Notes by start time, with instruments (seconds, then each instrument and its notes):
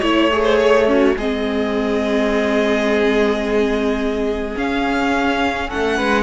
0.00 cello A3, viola E4, violin C#5
0.32 viola G#4
0.44 violin C5
0.59 violin C#5
0.87 violin C#4, viola F#4
1.16 cello G#3, viola C4, violin G#4 D#5
4.56 viola C#4, cello C#4, violin F5
5.68 violin A4 F#5
5.74 cello A3
5.97 cello G#3, violin B4